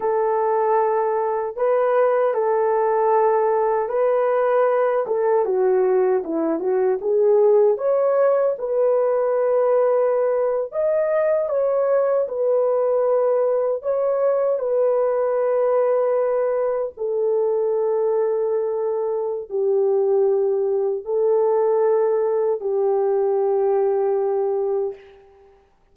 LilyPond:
\new Staff \with { instrumentName = "horn" } { \time 4/4 \tempo 4 = 77 a'2 b'4 a'4~ | a'4 b'4. a'8 fis'4 | e'8 fis'8 gis'4 cis''4 b'4~ | b'4.~ b'16 dis''4 cis''4 b'16~ |
b'4.~ b'16 cis''4 b'4~ b'16~ | b'4.~ b'16 a'2~ a'16~ | a'4 g'2 a'4~ | a'4 g'2. | }